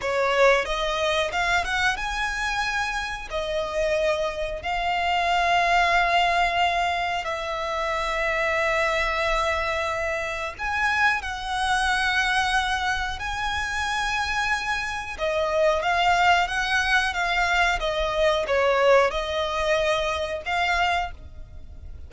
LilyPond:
\new Staff \with { instrumentName = "violin" } { \time 4/4 \tempo 4 = 91 cis''4 dis''4 f''8 fis''8 gis''4~ | gis''4 dis''2 f''4~ | f''2. e''4~ | e''1 |
gis''4 fis''2. | gis''2. dis''4 | f''4 fis''4 f''4 dis''4 | cis''4 dis''2 f''4 | }